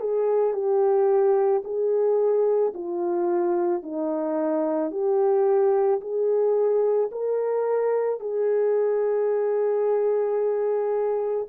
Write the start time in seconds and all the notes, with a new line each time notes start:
0.00 G#4
0.53 G4
1.64 G#4
2.74 F4
3.83 D#4
4.91 G4
6.00 G#4
7.11 A#4
8.20 G#4